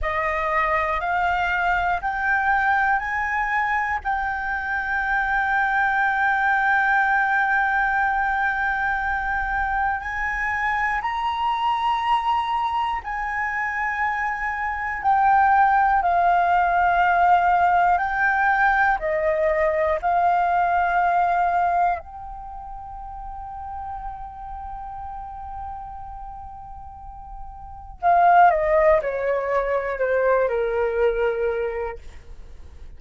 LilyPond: \new Staff \with { instrumentName = "flute" } { \time 4/4 \tempo 4 = 60 dis''4 f''4 g''4 gis''4 | g''1~ | g''2 gis''4 ais''4~ | ais''4 gis''2 g''4 |
f''2 g''4 dis''4 | f''2 g''2~ | g''1 | f''8 dis''8 cis''4 c''8 ais'4. | }